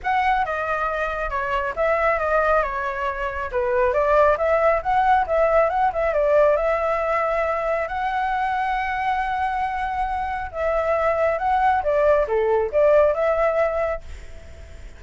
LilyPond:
\new Staff \with { instrumentName = "flute" } { \time 4/4 \tempo 4 = 137 fis''4 dis''2 cis''4 | e''4 dis''4 cis''2 | b'4 d''4 e''4 fis''4 | e''4 fis''8 e''8 d''4 e''4~ |
e''2 fis''2~ | fis''1 | e''2 fis''4 d''4 | a'4 d''4 e''2 | }